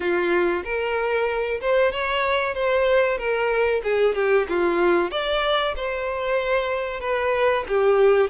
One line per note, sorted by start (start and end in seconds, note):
0.00 0.63 F4
0.64 1.60 A#4
1.60 1.91 C5
1.91 2.54 C#5
2.54 3.17 C5
3.17 3.81 A#4
3.83 4.14 G#4
4.14 4.46 G4
4.49 5.10 F4
5.10 5.74 D5
5.76 7.00 C5
7.00 7.64 B4
7.68 8.29 G4